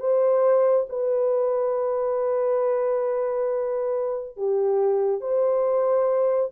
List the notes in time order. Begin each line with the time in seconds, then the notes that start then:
0.00 C5
0.90 B4
4.37 G4
5.21 C5